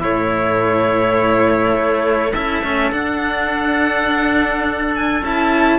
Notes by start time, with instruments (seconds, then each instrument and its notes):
0.00 cello A2 A3, trumpet E4, violin C#5
1.75 cello A3
2.32 cello C#4 E4, trumpet A4, violin E5
2.62 cello A3 C#4
2.92 cello D4, violin F#5
4.95 violin G#5
5.21 cello C#4 E4, violin A5